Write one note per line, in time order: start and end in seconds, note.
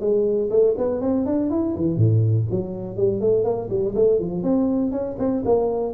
0.00 0.49 G#3
0.50 0.75 A3
0.77 1.01 B3
1.01 1.25 C4
1.26 1.50 D4
1.50 1.75 E4
1.76 1.96 E3
1.96 2.46 A2
2.51 2.96 F#3
2.96 3.21 G3
3.21 3.44 A3
3.44 3.69 A#3
3.70 3.94 G3
3.95 4.19 A3
4.19 4.43 F3
4.43 4.91 C4
4.91 5.16 C#4
5.19 5.43 C4
5.45 5.94 A#3